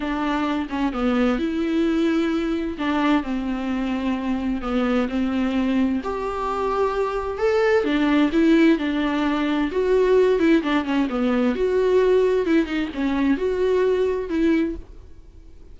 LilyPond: \new Staff \with { instrumentName = "viola" } { \time 4/4 \tempo 4 = 130 d'4. cis'8 b4 e'4~ | e'2 d'4 c'4~ | c'2 b4 c'4~ | c'4 g'2. |
a'4 d'4 e'4 d'4~ | d'4 fis'4. e'8 d'8 cis'8 | b4 fis'2 e'8 dis'8 | cis'4 fis'2 e'4 | }